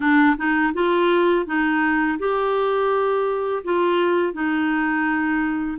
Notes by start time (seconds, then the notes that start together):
0.00 D4
0.37 D#4
0.73 F4
1.46 D#4
2.18 G4
3.64 F4
4.33 D#4